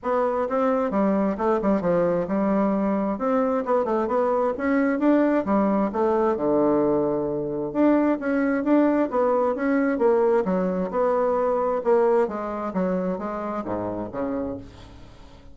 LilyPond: \new Staff \with { instrumentName = "bassoon" } { \time 4/4 \tempo 4 = 132 b4 c'4 g4 a8 g8 | f4 g2 c'4 | b8 a8 b4 cis'4 d'4 | g4 a4 d2~ |
d4 d'4 cis'4 d'4 | b4 cis'4 ais4 fis4 | b2 ais4 gis4 | fis4 gis4 gis,4 cis4 | }